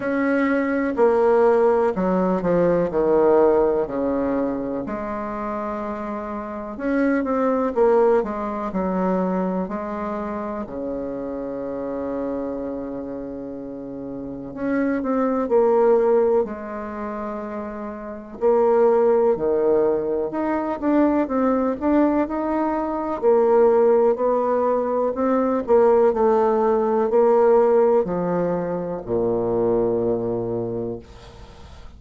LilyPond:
\new Staff \with { instrumentName = "bassoon" } { \time 4/4 \tempo 4 = 62 cis'4 ais4 fis8 f8 dis4 | cis4 gis2 cis'8 c'8 | ais8 gis8 fis4 gis4 cis4~ | cis2. cis'8 c'8 |
ais4 gis2 ais4 | dis4 dis'8 d'8 c'8 d'8 dis'4 | ais4 b4 c'8 ais8 a4 | ais4 f4 ais,2 | }